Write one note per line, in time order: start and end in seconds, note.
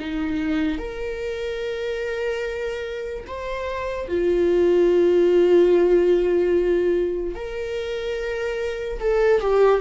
0.00 0.78 D#4
0.78 3.25 A#4
3.28 4.08 C5
4.08 7.35 F4
7.35 9.00 A#4
9.00 9.41 A4
9.41 9.81 G4